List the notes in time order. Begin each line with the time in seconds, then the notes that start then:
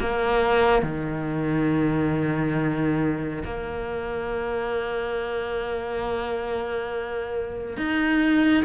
0.00 A#3
0.82 D#3
3.44 A#3
7.77 D#4